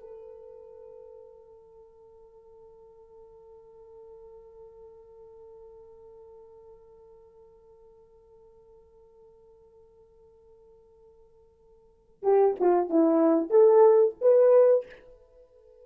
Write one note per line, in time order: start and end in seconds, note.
0.00 12.23 A4
12.23 12.55 G4
12.60 12.90 F4
12.90 13.50 E4
13.50 14.14 A4
14.21 14.86 B4